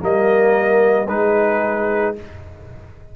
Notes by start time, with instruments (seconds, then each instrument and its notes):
0.00 tuba G3, trombone A#3, horn A#4, trumpet D#5
1.08 tuba G#3, trombone D#4, horn G#4, trumpet B4